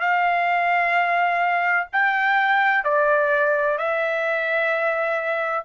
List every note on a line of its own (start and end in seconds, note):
0.00 1.87 F5
1.93 2.84 G5
2.84 3.78 D5
3.78 5.65 E5